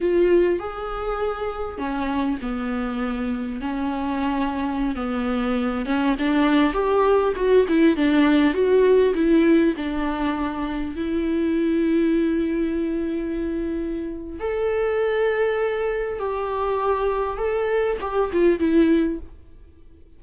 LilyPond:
\new Staff \with { instrumentName = "viola" } { \time 4/4 \tempo 4 = 100 f'4 gis'2 cis'4 | b2 cis'2~ | cis'16 b4. cis'8 d'4 g'8.~ | g'16 fis'8 e'8 d'4 fis'4 e'8.~ |
e'16 d'2 e'4.~ e'16~ | e'1 | a'2. g'4~ | g'4 a'4 g'8 f'8 e'4 | }